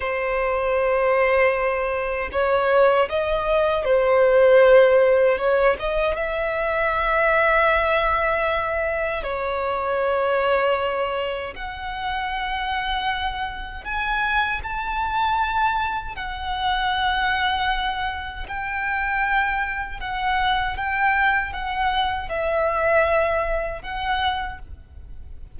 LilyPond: \new Staff \with { instrumentName = "violin" } { \time 4/4 \tempo 4 = 78 c''2. cis''4 | dis''4 c''2 cis''8 dis''8 | e''1 | cis''2. fis''4~ |
fis''2 gis''4 a''4~ | a''4 fis''2. | g''2 fis''4 g''4 | fis''4 e''2 fis''4 | }